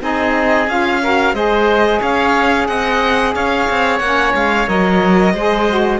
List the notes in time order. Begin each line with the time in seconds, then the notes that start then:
0.00 C4 D#4 G#4 D#5
0.67 C#4 F4 F5
1.02 F#4 A#4
1.33 G#3 G#4 C5 D#5
2.00 C#4 C#5 F5
2.67 C4 D#5 F#5
3.35 C#4 C#5 F5
3.69 C4
3.99 A#3 C#4 F#5
4.34 G#3 F5
4.67 F#3 A#4 D#5
5.33 G#3 G#4 C5
5.69 F#4